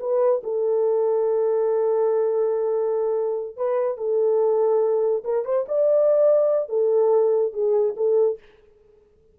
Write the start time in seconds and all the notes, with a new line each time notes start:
0.00 B4
0.44 A4
3.57 B4
3.98 A4
5.24 A#4
5.45 C5
5.69 D5
6.69 A4
7.53 G#4
7.97 A4